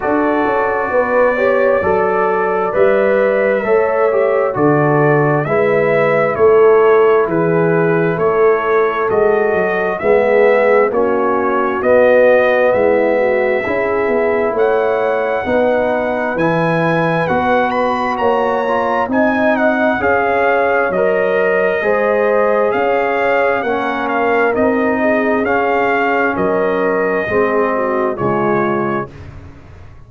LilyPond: <<
  \new Staff \with { instrumentName = "trumpet" } { \time 4/4 \tempo 4 = 66 d''2. e''4~ | e''4 d''4 e''4 cis''4 | b'4 cis''4 dis''4 e''4 | cis''4 dis''4 e''2 |
fis''2 gis''4 fis''8 b''8 | ais''4 gis''8 fis''8 f''4 dis''4~ | dis''4 f''4 fis''8 f''8 dis''4 | f''4 dis''2 cis''4 | }
  \new Staff \with { instrumentName = "horn" } { \time 4/4 a'4 b'8 cis''8 d''2 | cis''4 a'4 b'4 a'4 | gis'4 a'2 gis'4 | fis'2 e'8 fis'8 gis'4 |
cis''4 b'2. | cis''4 dis''4 cis''2 | c''4 cis''4 ais'4. gis'8~ | gis'4 ais'4 gis'8 fis'8 f'4 | }
  \new Staff \with { instrumentName = "trombone" } { \time 4/4 fis'4. g'8 a'4 b'4 | a'8 g'8 fis'4 e'2~ | e'2 fis'4 b4 | cis'4 b2 e'4~ |
e'4 dis'4 e'4 fis'4~ | fis'8 f'8 dis'4 gis'4 ais'4 | gis'2 cis'4 dis'4 | cis'2 c'4 gis4 | }
  \new Staff \with { instrumentName = "tuba" } { \time 4/4 d'8 cis'8 b4 fis4 g4 | a4 d4 gis4 a4 | e4 a4 gis8 fis8 gis4 | ais4 b4 gis4 cis'8 b8 |
a4 b4 e4 b4 | ais4 c'4 cis'4 fis4 | gis4 cis'4 ais4 c'4 | cis'4 fis4 gis4 cis4 | }
>>